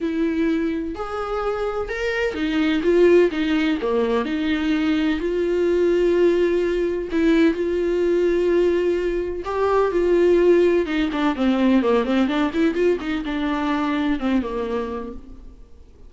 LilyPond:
\new Staff \with { instrumentName = "viola" } { \time 4/4 \tempo 4 = 127 e'2 gis'2 | ais'4 dis'4 f'4 dis'4 | ais4 dis'2 f'4~ | f'2. e'4 |
f'1 | g'4 f'2 dis'8 d'8 | c'4 ais8 c'8 d'8 e'8 f'8 dis'8 | d'2 c'8 ais4. | }